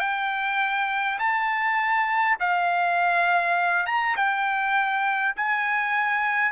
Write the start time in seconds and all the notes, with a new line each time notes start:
0.00 G5
1.19 A5
2.40 F5
3.86 A#5
4.16 G5
5.36 G#5